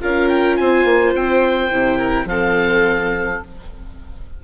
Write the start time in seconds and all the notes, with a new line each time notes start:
0.00 C#4 F4 A#4 F5
0.28 G5
0.56 C4 C5 G#5
0.84 A#3
1.15 C4 G5
1.71 C3 E4
1.97 A#4
2.25 F3 C4 A4 F5